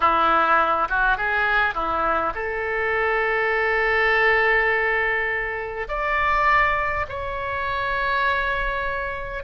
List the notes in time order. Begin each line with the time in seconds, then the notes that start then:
0.00 E4
0.89 F#4
1.17 G#4
1.74 E4
2.34 A4
5.88 D5
7.08 C#5